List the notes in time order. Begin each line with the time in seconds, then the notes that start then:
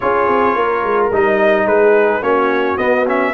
0.00 C#4 F4 G#4 C#5
0.27 C4
0.55 A#3 A#4
0.83 G#3
1.11 G3 D#4 D#5
1.65 G#3 G#4 B4
2.21 A#3 C#4 F#4 C#5
2.77 B3 D#5
3.06 C#4 E5